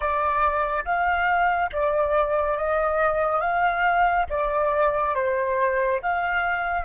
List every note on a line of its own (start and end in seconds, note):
0.00 0.84 D5
0.85 1.70 F5
1.72 2.57 D5
2.57 3.40 D#5
3.40 4.26 F5
4.29 5.14 D5
5.14 6.00 C5
6.02 6.84 F5